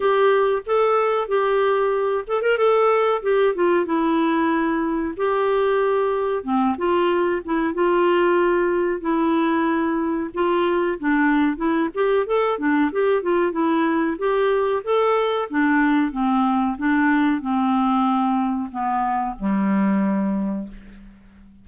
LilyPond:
\new Staff \with { instrumentName = "clarinet" } { \time 4/4 \tempo 4 = 93 g'4 a'4 g'4. a'16 ais'16 | a'4 g'8 f'8 e'2 | g'2 c'8 f'4 e'8 | f'2 e'2 |
f'4 d'4 e'8 g'8 a'8 d'8 | g'8 f'8 e'4 g'4 a'4 | d'4 c'4 d'4 c'4~ | c'4 b4 g2 | }